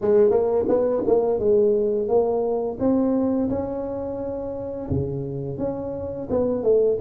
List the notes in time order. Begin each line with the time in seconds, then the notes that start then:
0.01 G#3
0.30 A#3
0.68 B3
1.07 A#3
1.39 G#3
2.07 A#3
2.79 C4
3.49 C#4
4.90 C#3
5.58 C#4
6.30 B3
6.63 A3